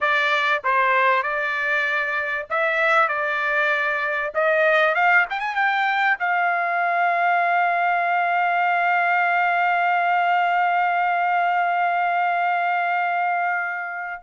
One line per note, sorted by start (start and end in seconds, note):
0.00 0.62 D5
0.64 1.22 C5
1.22 2.46 D5
2.49 3.08 E5
3.08 4.32 D5
4.34 4.94 D#5
4.94 5.25 F5
5.29 5.39 G5
5.39 5.55 G#5
5.55 6.17 G5
6.19 14.23 F5